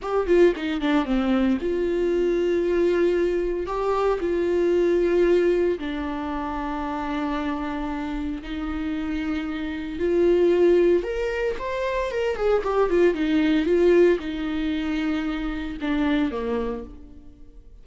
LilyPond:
\new Staff \with { instrumentName = "viola" } { \time 4/4 \tempo 4 = 114 g'8 f'8 dis'8 d'8 c'4 f'4~ | f'2. g'4 | f'2. d'4~ | d'1 |
dis'2. f'4~ | f'4 ais'4 c''4 ais'8 gis'8 | g'8 f'8 dis'4 f'4 dis'4~ | dis'2 d'4 ais4 | }